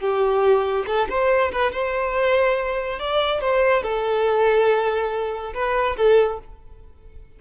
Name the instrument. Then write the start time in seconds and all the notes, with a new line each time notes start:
violin
0.00 G4
0.87 A4
1.09 C5
1.52 B4
1.72 C5
2.99 D5
3.41 C5
3.83 A4
5.54 B4
5.97 A4